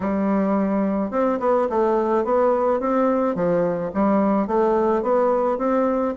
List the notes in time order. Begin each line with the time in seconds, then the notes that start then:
0.00 G3
1.10 C4
1.39 B3
1.69 A3
2.24 B3
2.80 C4
3.35 F3
3.94 G3
4.47 A3
5.02 B3
5.58 C4